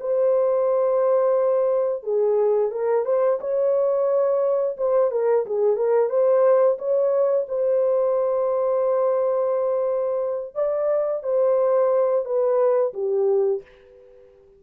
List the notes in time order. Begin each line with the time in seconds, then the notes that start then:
0.00 C5
2.03 G#4
2.71 A#4
3.05 C5
3.40 C#5
4.77 C5
5.11 A#4
5.46 G#4
5.76 A#4
6.09 C5
6.78 C#5
7.48 C5
10.55 D5
11.23 C5
12.25 B4
12.94 G4